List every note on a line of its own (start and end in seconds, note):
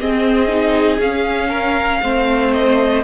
0.00 0.99 C4
0.00 0.49 C4
0.00 1.49 G#4
0.00 1.01 D#5
0.49 1.00 D#4
0.99 2.01 C#4
0.99 2.03 C#4
0.99 2.54 F5
1.49 2.00 A#4
2.03 3.04 A3
2.03 3.04 C4
2.03 3.04 C5
2.54 3.04 D#5